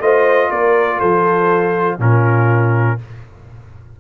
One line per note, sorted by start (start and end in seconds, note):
0.00 0.50 A3
0.00 1.99 F4
0.00 0.52 C5
0.00 0.51 D#5
0.51 1.00 A#3
0.51 0.99 A#4
0.51 0.99 D5
0.99 1.99 F3
0.99 1.98 A4
0.99 1.99 C5
1.99 2.98 A#2
1.99 2.98 C#4
1.99 2.98 F4
1.99 3.00 A#4